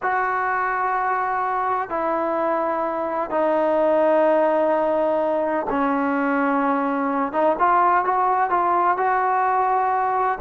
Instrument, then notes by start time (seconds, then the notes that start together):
trombone
0.02 F#4
1.89 E4
3.30 D#4
5.69 C#4
7.32 D#4
7.58 F4
8.04 F#4
8.50 F4
8.97 F#4